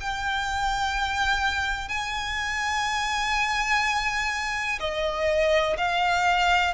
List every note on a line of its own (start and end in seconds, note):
0.00 1.88 G5
1.88 4.79 G#5
4.80 5.77 D#5
5.78 6.74 F5